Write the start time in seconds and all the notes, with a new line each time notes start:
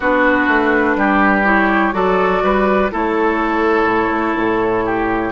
0.00 B3 D4 F#4 B4
0.47 A3
0.96 G3 G4
1.45 E4 C#5
1.92 F#3 F#4 A4 D5
2.42 G3 B4
2.91 A3 E4 A4 C#5
3.84 A2
4.10 A3
4.37 A2
4.84 G4